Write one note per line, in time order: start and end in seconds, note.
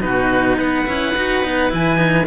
0.00 0.58 B2
0.00 0.85 D#4
0.00 0.57 F#4
0.00 0.57 B4
0.57 0.87 B3
0.57 2.27 B4
0.57 1.72 F#5
0.86 1.16 C#4
0.86 1.14 E4
1.16 1.44 D#4
1.16 1.44 F#4
1.44 1.72 B3
1.44 1.70 D#4
1.70 2.27 E3
1.70 1.96 E4
1.70 2.27 G#5
1.96 2.25 D#4